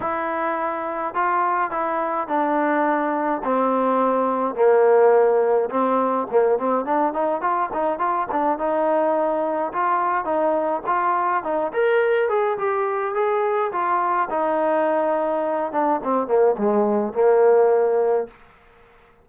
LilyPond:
\new Staff \with { instrumentName = "trombone" } { \time 4/4 \tempo 4 = 105 e'2 f'4 e'4 | d'2 c'2 | ais2 c'4 ais8 c'8 | d'8 dis'8 f'8 dis'8 f'8 d'8 dis'4~ |
dis'4 f'4 dis'4 f'4 | dis'8 ais'4 gis'8 g'4 gis'4 | f'4 dis'2~ dis'8 d'8 | c'8 ais8 gis4 ais2 | }